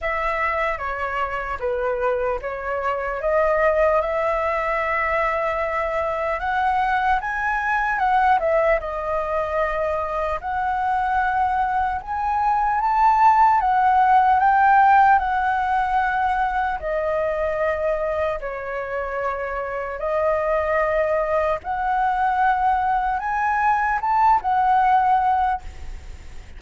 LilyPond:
\new Staff \with { instrumentName = "flute" } { \time 4/4 \tempo 4 = 75 e''4 cis''4 b'4 cis''4 | dis''4 e''2. | fis''4 gis''4 fis''8 e''8 dis''4~ | dis''4 fis''2 gis''4 |
a''4 fis''4 g''4 fis''4~ | fis''4 dis''2 cis''4~ | cis''4 dis''2 fis''4~ | fis''4 gis''4 a''8 fis''4. | }